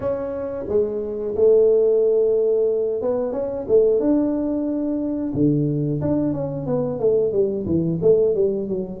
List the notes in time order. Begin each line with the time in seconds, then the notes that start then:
0.00 C#4
0.68 G#3
1.35 A3
3.01 B3
3.32 C#4
3.68 A3
3.99 D4
5.34 D3
6.01 D4
6.33 C#4
6.66 B3
6.99 A3
7.32 G3
7.65 E3
8.01 A3
8.35 G3
8.68 F#3